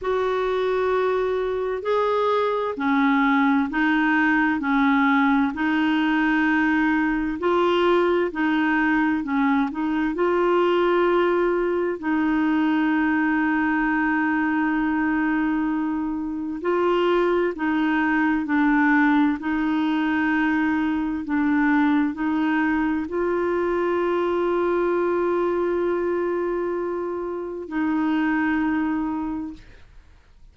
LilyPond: \new Staff \with { instrumentName = "clarinet" } { \time 4/4 \tempo 4 = 65 fis'2 gis'4 cis'4 | dis'4 cis'4 dis'2 | f'4 dis'4 cis'8 dis'8 f'4~ | f'4 dis'2.~ |
dis'2 f'4 dis'4 | d'4 dis'2 d'4 | dis'4 f'2.~ | f'2 dis'2 | }